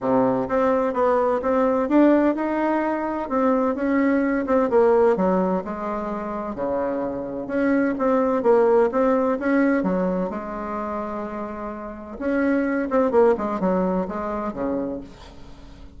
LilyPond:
\new Staff \with { instrumentName = "bassoon" } { \time 4/4 \tempo 4 = 128 c4 c'4 b4 c'4 | d'4 dis'2 c'4 | cis'4. c'8 ais4 fis4 | gis2 cis2 |
cis'4 c'4 ais4 c'4 | cis'4 fis4 gis2~ | gis2 cis'4. c'8 | ais8 gis8 fis4 gis4 cis4 | }